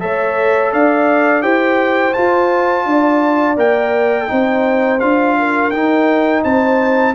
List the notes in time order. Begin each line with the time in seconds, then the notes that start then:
0.00 A3 A4 C#5 E5
0.73 D4 D5 F5
1.42 E4 G4 C5 G5
2.14 F4 A5
2.86 D4 D5
3.57 A#3 A#4 G5
4.28 C4 D#4 C5
5.00 D4 F4 F5
5.39 A#4
5.71 D#4 G5
6.44 C4 C5 A5